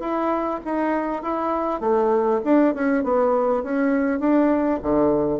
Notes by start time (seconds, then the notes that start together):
0.00 E4
0.65 D#4
1.22 E4
1.81 A3
2.45 D4
2.75 C#4
3.04 B3
3.63 C#4
4.20 D4
4.82 D3